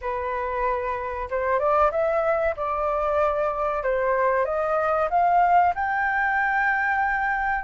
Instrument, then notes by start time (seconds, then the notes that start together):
flute
0.01 B4
1.30 C5
1.59 D5
1.91 E5
2.56 D5
3.83 C5
4.45 D#5
5.10 F5
5.74 G5